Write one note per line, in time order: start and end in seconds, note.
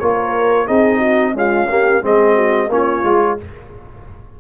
0.00 0.69 A#3
0.00 0.68 F4
0.00 0.67 A#4
0.00 0.67 C#5
0.67 1.34 C4
0.67 1.34 D#4
0.67 0.99 G#4
0.67 1.35 D#5
0.99 1.32 F#4
1.34 1.68 G#3
1.34 2.01 C#4
1.34 1.70 F4
1.34 2.06 F5
1.69 2.02 A#3
1.69 2.03 G4
2.02 2.69 G#3
2.02 2.69 C4
2.02 2.35 G#4
2.02 2.72 D#5
2.35 2.69 F#4
2.69 3.02 A#3
2.69 3.04 C#4
2.69 3.40 F4
2.69 3.39 C#5
3.04 3.37 G#3
3.04 3.38 F4